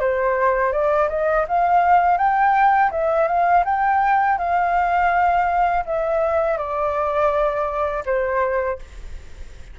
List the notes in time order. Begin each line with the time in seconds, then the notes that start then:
0.00 C5
0.73 D5
1.09 D#5
1.48 F5
2.18 G5
2.91 E5
3.28 F5
3.65 G5
4.38 F5
5.86 E5
6.58 D5
8.06 C5